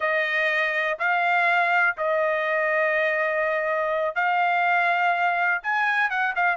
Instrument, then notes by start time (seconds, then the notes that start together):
trumpet
0.00 D#5
0.98 F5
1.97 D#5
4.15 F5
5.62 G#5
6.10 F#5
6.35 F5